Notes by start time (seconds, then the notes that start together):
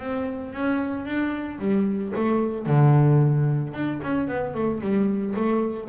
0.00 C4
0.54 C#4
1.06 D4
1.59 G3
2.16 A3
2.67 D3
3.74 D4
4.03 C#4
4.28 B3
4.55 A3
4.82 G3
5.36 A3